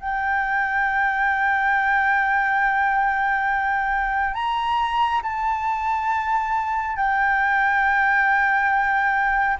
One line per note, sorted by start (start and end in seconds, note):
0.00 4.34 G5
4.34 5.21 A#5
5.23 6.96 A5
6.96 9.57 G5